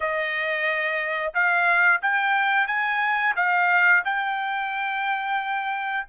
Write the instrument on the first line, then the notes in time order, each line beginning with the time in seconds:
trumpet
0.00 D#5
1.33 F5
2.02 G5
2.67 G#5
3.36 F5
4.04 G5